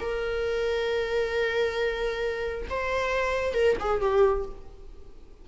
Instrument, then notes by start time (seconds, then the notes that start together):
viola
0.00 A#4
2.70 C5
3.54 A#4
3.79 G#4
4.01 G4